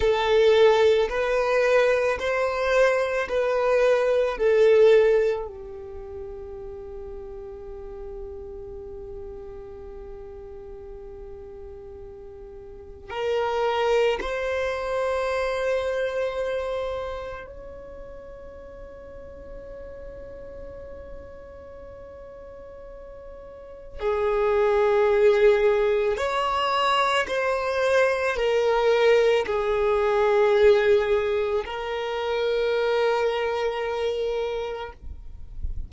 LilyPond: \new Staff \with { instrumentName = "violin" } { \time 4/4 \tempo 4 = 55 a'4 b'4 c''4 b'4 | a'4 g'2.~ | g'1 | ais'4 c''2. |
cis''1~ | cis''2 gis'2 | cis''4 c''4 ais'4 gis'4~ | gis'4 ais'2. | }